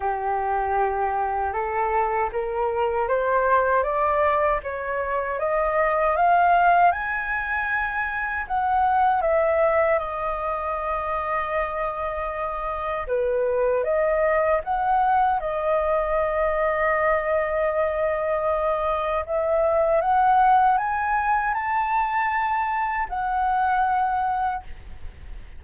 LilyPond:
\new Staff \with { instrumentName = "flute" } { \time 4/4 \tempo 4 = 78 g'2 a'4 ais'4 | c''4 d''4 cis''4 dis''4 | f''4 gis''2 fis''4 | e''4 dis''2.~ |
dis''4 b'4 dis''4 fis''4 | dis''1~ | dis''4 e''4 fis''4 gis''4 | a''2 fis''2 | }